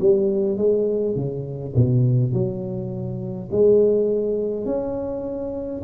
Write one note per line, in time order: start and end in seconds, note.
0.00 0.57 G3
0.57 1.15 G#3
1.15 1.74 C#3
1.76 2.33 B2
2.33 3.50 F#3
3.52 4.65 G#3
4.65 5.82 C#4